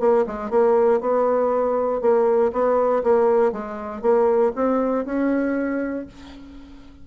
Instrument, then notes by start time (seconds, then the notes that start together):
bassoon
0.00 A#3
0.27 G#3
0.50 A#3
1.01 B3
2.02 A#3
2.53 B3
3.04 A#3
3.52 G#3
4.02 A#3
4.56 C4
5.06 C#4